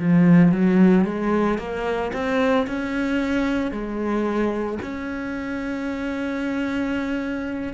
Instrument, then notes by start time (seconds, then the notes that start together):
cello
0.00 F3
0.52 F#3
1.05 G#3
1.59 A#3
2.13 C4
2.67 C#4
3.72 G#3
4.83 C#4